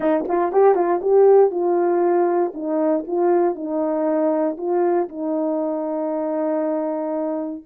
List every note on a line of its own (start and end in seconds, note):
0.00 0.24 D#4
0.28 0.52 F4
0.52 0.75 G4
0.75 1.00 F4
1.01 1.50 G4
1.50 2.52 F4
2.54 3.04 D#4
3.07 3.55 F4
3.55 4.56 D#4
4.57 5.08 F4
5.08 7.63 D#4